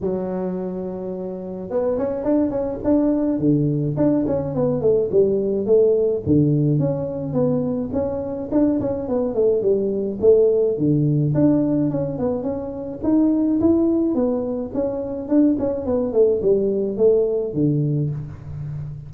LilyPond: \new Staff \with { instrumentName = "tuba" } { \time 4/4 \tempo 4 = 106 fis2. b8 cis'8 | d'8 cis'8 d'4 d4 d'8 cis'8 | b8 a8 g4 a4 d4 | cis'4 b4 cis'4 d'8 cis'8 |
b8 a8 g4 a4 d4 | d'4 cis'8 b8 cis'4 dis'4 | e'4 b4 cis'4 d'8 cis'8 | b8 a8 g4 a4 d4 | }